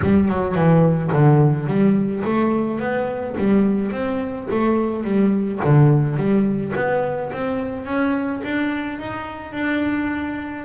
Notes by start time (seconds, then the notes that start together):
0.02 G3
0.28 F#3
0.55 E3
1.12 D3
1.66 G3
2.24 A3
2.79 B3
3.37 G3
3.91 C4
4.50 A3
5.03 G3
5.64 D3
6.16 G3
6.75 B3
7.32 C4
7.85 C#4
8.43 D4
8.99 D#4
9.52 D4